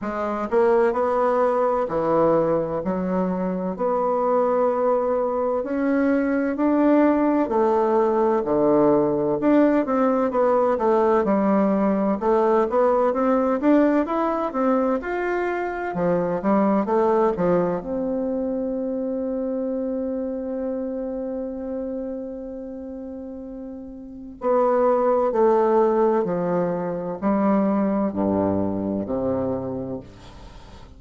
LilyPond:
\new Staff \with { instrumentName = "bassoon" } { \time 4/4 \tempo 4 = 64 gis8 ais8 b4 e4 fis4 | b2 cis'4 d'4 | a4 d4 d'8 c'8 b8 a8 | g4 a8 b8 c'8 d'8 e'8 c'8 |
f'4 f8 g8 a8 f8 c'4~ | c'1~ | c'2 b4 a4 | f4 g4 g,4 c4 | }